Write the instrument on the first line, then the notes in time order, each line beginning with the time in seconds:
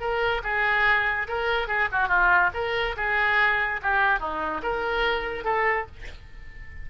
oboe
0.00 A#4
0.43 G#4
1.28 A#4
1.68 G#4
1.92 F#4
2.08 F4
2.54 A#4
2.97 G#4
3.82 G4
4.20 D#4
4.62 A#4
5.44 A4